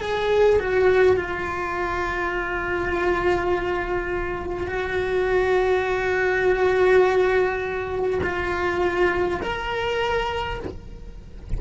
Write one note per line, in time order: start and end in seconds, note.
0.00 0.59 G#4
0.59 1.16 F#4
1.16 4.67 F4
4.67 8.20 F#4
8.22 9.40 F4
9.42 10.59 A#4